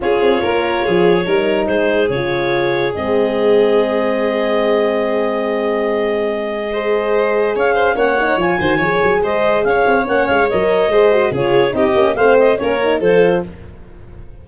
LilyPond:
<<
  \new Staff \with { instrumentName = "clarinet" } { \time 4/4 \tempo 4 = 143 cis''1 | c''4 cis''2 dis''4~ | dis''1~ | dis''1~ |
dis''2 f''4 fis''4 | gis''2 dis''4 f''4 | fis''8 f''8 dis''2 cis''4 | dis''4 f''8 dis''8 cis''4 c''4 | }
  \new Staff \with { instrumentName = "violin" } { \time 4/4 gis'4 ais'4 gis'4 ais'4 | gis'1~ | gis'1~ | gis'1 |
c''2 cis''8 c''8 cis''4~ | cis''8 c''8 cis''4 c''4 cis''4~ | cis''2 c''4 gis'4 | g'4 c''4 ais'4 a'4 | }
  \new Staff \with { instrumentName = "horn" } { \time 4/4 f'2. dis'4~ | dis'4 f'2 c'4~ | c'1~ | c'1 |
gis'2. cis'8 dis'8 | f'8 fis'8 gis'2. | cis'4 ais'4 gis'8 fis'8 f'4 | dis'8 cis'8 c'4 cis'8 dis'8 f'4 | }
  \new Staff \with { instrumentName = "tuba" } { \time 4/4 cis'8 c'8 ais4 f4 g4 | gis4 cis2 gis4~ | gis1~ | gis1~ |
gis2 cis'4 ais4 | f8 dis8 f8 fis8 gis4 cis'8 c'8 | ais8 gis8 fis4 gis4 cis4 | c'8 ais8 a4 ais4 f4 | }
>>